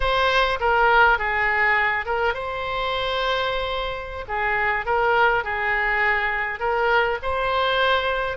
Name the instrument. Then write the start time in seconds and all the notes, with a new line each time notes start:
oboe
0.00 C5
0.60 A#4
1.18 G#4
2.05 A#4
2.34 C5
4.28 G#4
4.85 A#4
5.44 G#4
6.59 A#4
7.22 C5